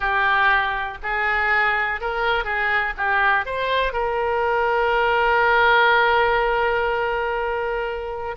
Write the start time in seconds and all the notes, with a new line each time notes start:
0.00 G4
1.02 G#4
2.01 A#4
2.44 G#4
2.97 G4
3.45 C5
3.92 A#4